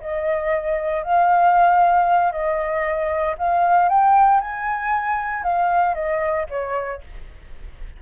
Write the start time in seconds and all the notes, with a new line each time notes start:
0.00 D#5
1.03 F5
2.32 D#5
3.38 F5
3.88 G5
4.40 G#5
5.43 F5
5.94 D#5
6.49 C#5